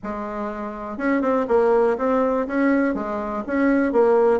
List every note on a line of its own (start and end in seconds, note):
0.03 0.97 G#3
0.97 1.21 C#4
1.21 1.46 C4
1.48 1.97 A#3
1.97 2.46 C4
2.47 2.94 C#4
2.94 3.43 G#3
3.46 3.92 C#4
3.92 4.39 A#3